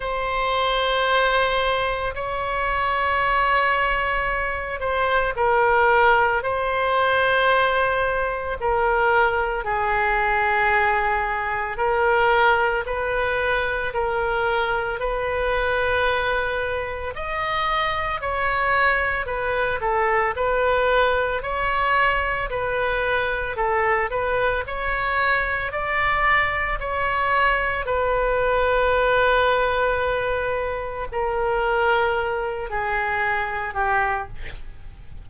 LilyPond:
\new Staff \with { instrumentName = "oboe" } { \time 4/4 \tempo 4 = 56 c''2 cis''2~ | cis''8 c''8 ais'4 c''2 | ais'4 gis'2 ais'4 | b'4 ais'4 b'2 |
dis''4 cis''4 b'8 a'8 b'4 | cis''4 b'4 a'8 b'8 cis''4 | d''4 cis''4 b'2~ | b'4 ais'4. gis'4 g'8 | }